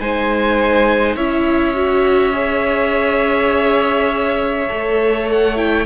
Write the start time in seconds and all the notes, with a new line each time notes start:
0.00 G#3 D#4 C5 G#5
1.16 C#4 E4 C#5 E5
1.74 F#4
2.33 G#4
4.69 A3 A4
5.31 F#5
5.56 E4 G5